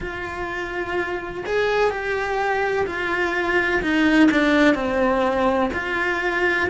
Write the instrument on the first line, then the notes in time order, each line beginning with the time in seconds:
cello
0.00 F4
1.45 G#4
1.90 G4
2.86 F4
3.82 D#4
4.31 D4
4.74 C4
5.73 F4